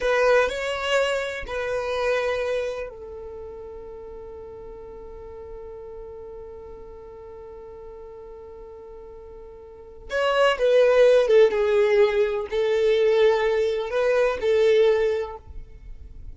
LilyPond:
\new Staff \with { instrumentName = "violin" } { \time 4/4 \tempo 4 = 125 b'4 cis''2 b'4~ | b'2 a'2~ | a'1~ | a'1~ |
a'1~ | a'4 cis''4 b'4. a'8 | gis'2 a'2~ | a'4 b'4 a'2 | }